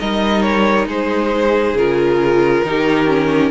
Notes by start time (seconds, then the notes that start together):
0.00 G3 D#4 A#4 D#5
0.42 C#5
0.88 G#3 G#4 C5
1.74 C#3 F4 A#4
2.64 D#3 D#4 G4
3.08 C#4